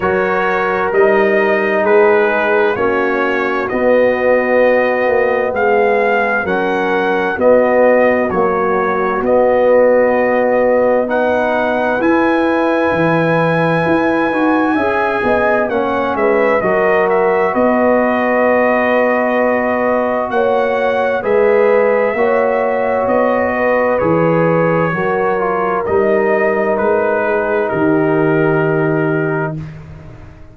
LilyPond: <<
  \new Staff \with { instrumentName = "trumpet" } { \time 4/4 \tempo 4 = 65 cis''4 dis''4 b'4 cis''4 | dis''2 f''4 fis''4 | dis''4 cis''4 dis''2 | fis''4 gis''2.~ |
gis''4 fis''8 e''8 dis''8 e''8 dis''4~ | dis''2 fis''4 e''4~ | e''4 dis''4 cis''2 | dis''4 b'4 ais'2 | }
  \new Staff \with { instrumentName = "horn" } { \time 4/4 ais'2 gis'4 fis'4~ | fis'2 gis'4 ais'4 | fis'1 | b'1 |
e''8 dis''8 cis''8 b'8 ais'4 b'4~ | b'2 cis''4 b'4 | cis''4. b'4. ais'4~ | ais'4. gis'8 g'2 | }
  \new Staff \with { instrumentName = "trombone" } { \time 4/4 fis'4 dis'2 cis'4 | b2. cis'4 | b4 fis4 b2 | dis'4 e'2~ e'8 fis'8 |
gis'4 cis'4 fis'2~ | fis'2. gis'4 | fis'2 gis'4 fis'8 f'8 | dis'1 | }
  \new Staff \with { instrumentName = "tuba" } { \time 4/4 fis4 g4 gis4 ais4 | b4. ais8 gis4 fis4 | b4 ais4 b2~ | b4 e'4 e4 e'8 dis'8 |
cis'8 b8 ais8 gis8 fis4 b4~ | b2 ais4 gis4 | ais4 b4 e4 fis4 | g4 gis4 dis2 | }
>>